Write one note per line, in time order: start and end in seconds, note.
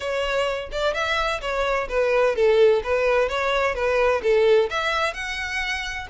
0.00 0.69 C#5
0.71 0.94 D5
0.94 1.40 E5
1.41 1.88 C#5
1.89 2.35 B4
2.35 2.82 A4
2.83 3.28 B4
3.28 3.74 C#5
3.74 4.21 B4
4.22 4.69 A4
4.70 5.13 E5
5.13 6.07 F#5